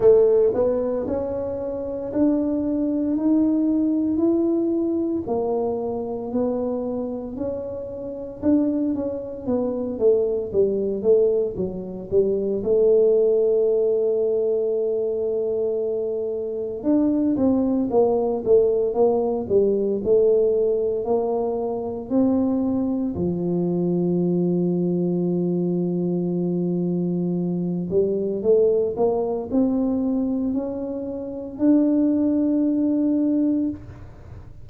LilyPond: \new Staff \with { instrumentName = "tuba" } { \time 4/4 \tempo 4 = 57 a8 b8 cis'4 d'4 dis'4 | e'4 ais4 b4 cis'4 | d'8 cis'8 b8 a8 g8 a8 fis8 g8 | a1 |
d'8 c'8 ais8 a8 ais8 g8 a4 | ais4 c'4 f2~ | f2~ f8 g8 a8 ais8 | c'4 cis'4 d'2 | }